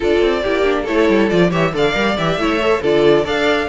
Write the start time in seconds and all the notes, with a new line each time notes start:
0.00 D4 F4 A4 D5
0.21 C4
0.43 A#3 E4 G4
0.64 D4
0.83 A3 E4 A4 C#5
1.09 G3
1.29 F3 F4 D5
1.50 E3 G4 C#5 E5
1.72 D3 A4 D5 F5
1.93 G3 A#4
2.17 E3 G4 E5
2.36 A3 E4 C#5
2.60 A4
2.81 D3 F4 A4 D5
3.24 D4 A4 D5 F5